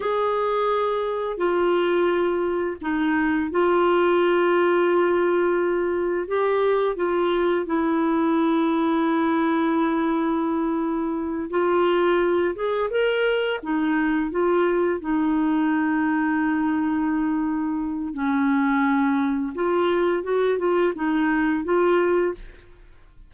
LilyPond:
\new Staff \with { instrumentName = "clarinet" } { \time 4/4 \tempo 4 = 86 gis'2 f'2 | dis'4 f'2.~ | f'4 g'4 f'4 e'4~ | e'1~ |
e'8 f'4. gis'8 ais'4 dis'8~ | dis'8 f'4 dis'2~ dis'8~ | dis'2 cis'2 | f'4 fis'8 f'8 dis'4 f'4 | }